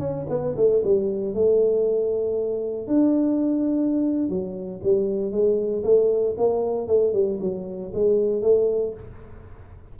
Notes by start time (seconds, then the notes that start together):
0.00 C#4
0.30 B3
0.57 A3
0.84 G3
1.35 A3
2.88 D4
4.30 F#3
4.83 G3
5.32 G#3
5.84 A3
6.38 A#3
6.88 A3
7.14 G3
7.41 F#3
7.94 G#3
8.42 A3